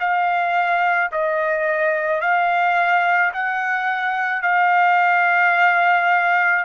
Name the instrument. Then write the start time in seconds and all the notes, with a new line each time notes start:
trumpet
0.00 F5
1.12 D#5
2.21 F5
3.34 F#5
4.42 F5